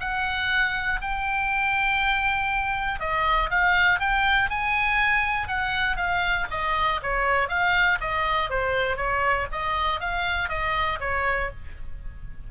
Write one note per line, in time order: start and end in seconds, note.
0.00 1.00 F#5
1.01 3.00 G5
3.00 3.50 D#5
3.50 3.99 F5
3.99 4.49 G5
4.49 5.47 G#5
5.47 5.96 F#5
5.96 6.46 F5
6.50 7.00 D#5
7.02 7.48 C#5
7.48 7.98 F5
8.00 8.49 D#5
8.49 8.97 C5
8.97 9.47 C#5
9.52 10.00 D#5
10.00 10.49 F5
10.49 10.99 D#5
11.00 11.50 C#5